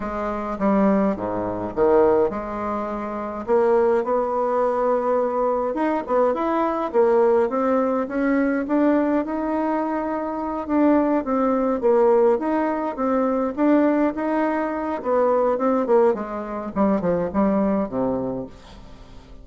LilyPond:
\new Staff \with { instrumentName = "bassoon" } { \time 4/4 \tempo 4 = 104 gis4 g4 gis,4 dis4 | gis2 ais4 b4~ | b2 dis'8 b8 e'4 | ais4 c'4 cis'4 d'4 |
dis'2~ dis'8 d'4 c'8~ | c'8 ais4 dis'4 c'4 d'8~ | d'8 dis'4. b4 c'8 ais8 | gis4 g8 f8 g4 c4 | }